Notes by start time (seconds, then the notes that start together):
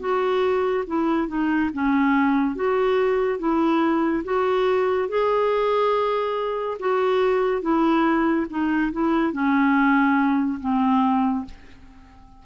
0.00 F#4
0.87 E4
1.28 D#4
1.74 C#4
2.55 F#4
3.39 E4
4.24 F#4
5.09 G#4
6.80 F#4
7.62 E4
8.50 D#4
8.92 E4
9.33 C#4
10.61 C4